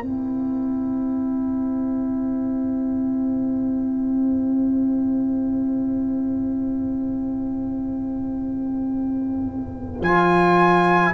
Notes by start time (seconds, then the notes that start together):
0.00 C4 E4 C5 G5
10.00 F3 F4 G#5